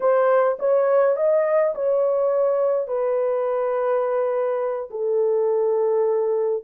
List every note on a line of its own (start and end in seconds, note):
0.00 0.57 C5
0.59 1.16 C#5
1.16 1.74 D#5
1.75 2.87 C#5
2.87 4.89 B4
4.90 6.63 A4